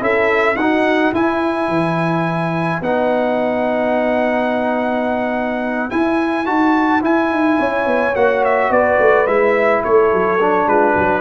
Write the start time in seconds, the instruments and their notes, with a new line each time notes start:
0.00 tuba C#4, trombone E4, horn A4, trumpet E5
0.55 tuba D#4, trombone D#4, horn F#4, trumpet F#5
1.13 tuba E4, trombone E4, horn B4, trumpet G#5
1.68 tuba E3
2.81 tuba B3, trombone D#4, trumpet F#5
5.90 trombone E4, tuba E4, trumpet G#5
6.46 tuba D#4, trombone F#4, trumpet A5
7.02 trombone E4, tuba E4, trumpet G#5
7.30 tuba D#4
7.59 tuba C#4, horn C#5
7.86 tuba B3
8.15 tuba A#3, trombone F#4, trumpet F#5
8.44 trumpet E5
8.70 tuba B3, horn B4, trumpet D5
8.99 tuba A3
9.27 tuba G#3, trombone E4, trumpet E5
9.84 tuba A3, horn A4, trumpet C#5
10.13 tuba F#3
10.41 trombone D4
10.67 tuba G#3, horn F4, trumpet B4
10.94 tuba F#3, horn F#4